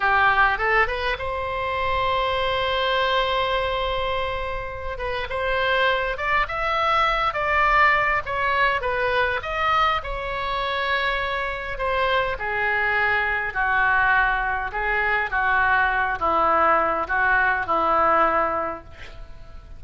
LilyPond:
\new Staff \with { instrumentName = "oboe" } { \time 4/4 \tempo 4 = 102 g'4 a'8 b'8 c''2~ | c''1~ | c''8 b'8 c''4. d''8 e''4~ | e''8 d''4. cis''4 b'4 |
dis''4 cis''2. | c''4 gis'2 fis'4~ | fis'4 gis'4 fis'4. e'8~ | e'4 fis'4 e'2 | }